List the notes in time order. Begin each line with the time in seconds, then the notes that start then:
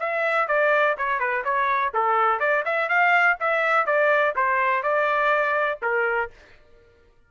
0.00 E5
0.48 D5
0.98 C#5
1.20 B4
1.45 C#5
1.94 A4
2.40 D5
2.65 E5
2.89 F5
3.40 E5
3.86 D5
4.36 C5
4.83 D5
5.82 A#4